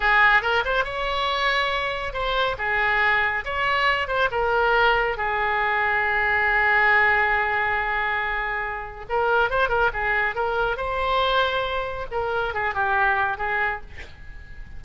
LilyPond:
\new Staff \with { instrumentName = "oboe" } { \time 4/4 \tempo 4 = 139 gis'4 ais'8 c''8 cis''2~ | cis''4 c''4 gis'2 | cis''4. c''8 ais'2 | gis'1~ |
gis'1~ | gis'4 ais'4 c''8 ais'8 gis'4 | ais'4 c''2. | ais'4 gis'8 g'4. gis'4 | }